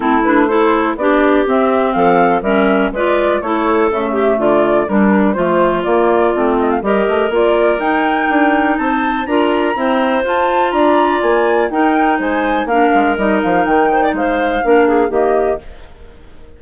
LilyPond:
<<
  \new Staff \with { instrumentName = "flute" } { \time 4/4 \tempo 4 = 123 a'8 b'8 c''4 d''4 e''4 | f''4 e''4 d''4 cis''4 | e''4 d''4 ais'4 c''4 | d''4. dis''16 f''16 dis''4 d''4 |
g''2 a''4 ais''4~ | ais''4 a''4 ais''4 gis''4 | g''4 gis''4 f''4 dis''8 f''8 | g''4 f''2 dis''4 | }
  \new Staff \with { instrumentName = "clarinet" } { \time 4/4 e'4 a'4 g'2 | a'4 ais'4 b'4 a'4~ | a'8 g'8 f'4 d'4 f'4~ | f'2 ais'2~ |
ais'2 c''4 ais'4 | c''2 d''2 | ais'4 c''4 ais'2~ | ais'8 c''16 d''16 c''4 ais'8 gis'8 g'4 | }
  \new Staff \with { instrumentName = "clarinet" } { \time 4/4 c'8 d'8 e'4 d'4 c'4~ | c'4 cis'4 f'4 e'4 | a2 g4 a4 | ais4 c'4 g'4 f'4 |
dis'2. f'4 | c'4 f'2. | dis'2 d'4 dis'4~ | dis'2 d'4 ais4 | }
  \new Staff \with { instrumentName = "bassoon" } { \time 4/4 a2 b4 c'4 | f4 g4 gis4 a4 | cis4 d4 g4 f4 | ais4 a4 g8 a8 ais4 |
dis'4 d'4 c'4 d'4 | e'4 f'4 d'4 ais4 | dis'4 gis4 ais8 gis8 g8 f8 | dis4 gis4 ais4 dis4 | }
>>